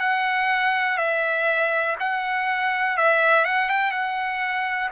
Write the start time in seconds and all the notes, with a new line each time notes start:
0.00 F#5
0.98 E5
2.00 F#5
2.97 E5
3.45 F#5
3.69 G5
3.92 F#5